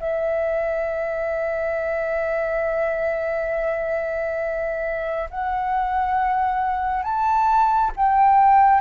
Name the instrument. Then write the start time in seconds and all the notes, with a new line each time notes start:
flute
0.00 E5
5.30 F#5
7.03 A5
7.96 G5